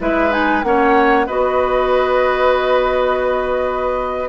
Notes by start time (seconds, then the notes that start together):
0.00 G#3 E4 B4 E5
0.31 D#4 G#5
0.64 A#3 C#4 C#5 F#5
1.27 B3 F#4 B4 D#5